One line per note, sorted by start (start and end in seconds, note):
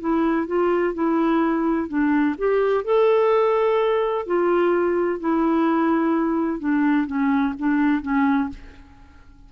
0.00 0.47 E4
0.47 0.94 F4
0.94 1.88 E4
1.88 2.36 D4
2.38 2.85 G4
2.85 4.26 A4
4.26 5.20 F4
5.20 6.60 E4
6.60 7.07 D4
7.07 7.54 C#4
7.59 8.02 D4
8.02 8.49 C#4